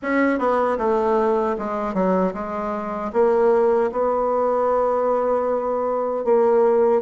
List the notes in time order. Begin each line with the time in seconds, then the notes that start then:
0.02 C#4
0.38 B3
0.78 A3
1.58 G#3
1.94 F#3
2.33 G#3
3.12 A#3
3.91 B3
6.24 A#3